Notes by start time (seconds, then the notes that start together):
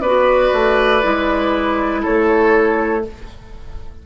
0.00 B3 F#4 B4 D5
0.53 A3
1.02 G#3 E4
2.03 A3 A4 C#5